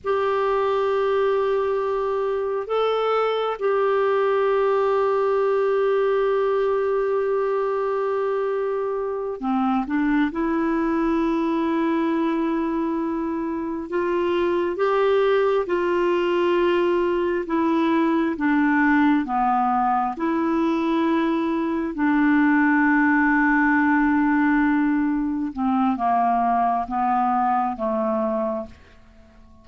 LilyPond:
\new Staff \with { instrumentName = "clarinet" } { \time 4/4 \tempo 4 = 67 g'2. a'4 | g'1~ | g'2~ g'8 c'8 d'8 e'8~ | e'2.~ e'8 f'8~ |
f'8 g'4 f'2 e'8~ | e'8 d'4 b4 e'4.~ | e'8 d'2.~ d'8~ | d'8 c'8 ais4 b4 a4 | }